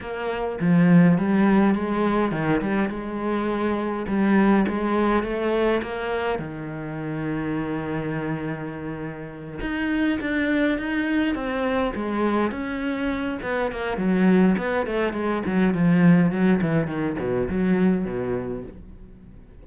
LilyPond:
\new Staff \with { instrumentName = "cello" } { \time 4/4 \tempo 4 = 103 ais4 f4 g4 gis4 | dis8 g8 gis2 g4 | gis4 a4 ais4 dis4~ | dis1~ |
dis8 dis'4 d'4 dis'4 c'8~ | c'8 gis4 cis'4. b8 ais8 | fis4 b8 a8 gis8 fis8 f4 | fis8 e8 dis8 b,8 fis4 b,4 | }